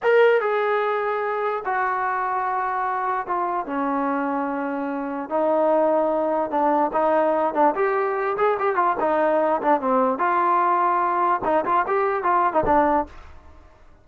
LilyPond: \new Staff \with { instrumentName = "trombone" } { \time 4/4 \tempo 4 = 147 ais'4 gis'2. | fis'1 | f'4 cis'2.~ | cis'4 dis'2. |
d'4 dis'4. d'8 g'4~ | g'8 gis'8 g'8 f'8 dis'4. d'8 | c'4 f'2. | dis'8 f'8 g'4 f'8. dis'16 d'4 | }